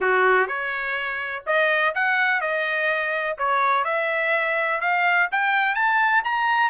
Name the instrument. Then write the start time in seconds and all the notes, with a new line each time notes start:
trumpet
0.00 F#4
0.47 C#5
1.46 D#5
1.94 F#5
2.40 D#5
3.38 C#5
3.84 E5
4.80 F5
5.31 G5
5.74 A5
6.24 A#5